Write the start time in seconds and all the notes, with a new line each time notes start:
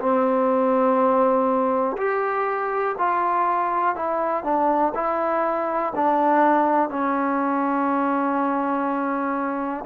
0.00 C4
1.98 G4
2.99 F4
3.96 E4
4.44 D4
4.95 E4
5.96 D4
6.90 C#4